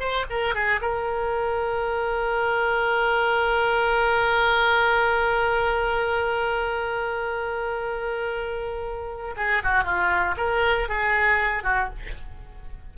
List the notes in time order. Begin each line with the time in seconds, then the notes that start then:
0.00 C5
0.30 A#4
0.55 G#4
0.82 A#4
9.37 G#4
9.64 F#4
9.84 F4
10.38 A#4
10.89 G#4
11.64 F#4